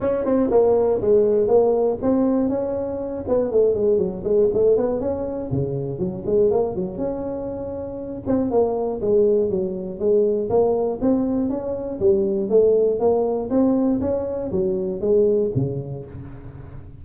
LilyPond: \new Staff \with { instrumentName = "tuba" } { \time 4/4 \tempo 4 = 120 cis'8 c'8 ais4 gis4 ais4 | c'4 cis'4. b8 a8 gis8 | fis8 gis8 a8 b8 cis'4 cis4 | fis8 gis8 ais8 fis8 cis'2~ |
cis'8 c'8 ais4 gis4 fis4 | gis4 ais4 c'4 cis'4 | g4 a4 ais4 c'4 | cis'4 fis4 gis4 cis4 | }